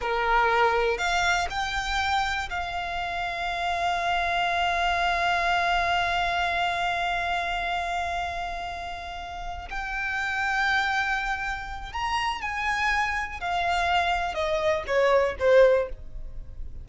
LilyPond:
\new Staff \with { instrumentName = "violin" } { \time 4/4 \tempo 4 = 121 ais'2 f''4 g''4~ | g''4 f''2.~ | f''1~ | f''1~ |
f''2.~ f''8 g''8~ | g''1 | ais''4 gis''2 f''4~ | f''4 dis''4 cis''4 c''4 | }